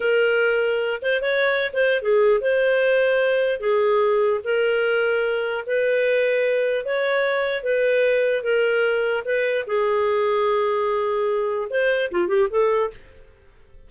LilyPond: \new Staff \with { instrumentName = "clarinet" } { \time 4/4 \tempo 4 = 149 ais'2~ ais'8 c''8 cis''4~ | cis''16 c''8. gis'4 c''2~ | c''4 gis'2 ais'4~ | ais'2 b'2~ |
b'4 cis''2 b'4~ | b'4 ais'2 b'4 | gis'1~ | gis'4 c''4 f'8 g'8 a'4 | }